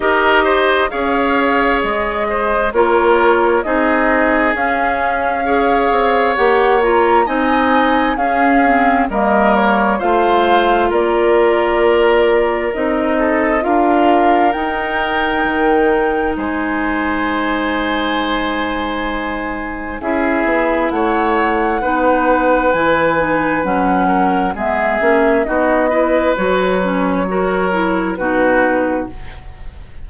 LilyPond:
<<
  \new Staff \with { instrumentName = "flute" } { \time 4/4 \tempo 4 = 66 dis''4 f''4 dis''4 cis''4 | dis''4 f''2 fis''8 ais''8 | gis''4 f''4 dis''8 cis''8 f''4 | d''2 dis''4 f''4 |
g''2 gis''2~ | gis''2 e''4 fis''4~ | fis''4 gis''4 fis''4 e''4 | dis''4 cis''2 b'4 | }
  \new Staff \with { instrumentName = "oboe" } { \time 4/4 ais'8 c''8 cis''4. c''8 ais'4 | gis'2 cis''2 | dis''4 gis'4 ais'4 c''4 | ais'2~ ais'8 a'8 ais'4~ |
ais'2 c''2~ | c''2 gis'4 cis''4 | b'2~ b'8 ais'8 gis'4 | fis'8 b'4. ais'4 fis'4 | }
  \new Staff \with { instrumentName = "clarinet" } { \time 4/4 g'4 gis'2 f'4 | dis'4 cis'4 gis'4 g'8 f'8 | dis'4 cis'8 c'8 ais4 f'4~ | f'2 dis'4 f'4 |
dis'1~ | dis'2 e'2 | dis'4 e'8 dis'8 cis'4 b8 cis'8 | dis'8 e'8 fis'8 cis'8 fis'8 e'8 dis'4 | }
  \new Staff \with { instrumentName = "bassoon" } { \time 4/4 dis'4 cis'4 gis4 ais4 | c'4 cis'4. c'8 ais4 | c'4 cis'4 g4 a4 | ais2 c'4 d'4 |
dis'4 dis4 gis2~ | gis2 cis'8 b8 a4 | b4 e4 fis4 gis8 ais8 | b4 fis2 b,4 | }
>>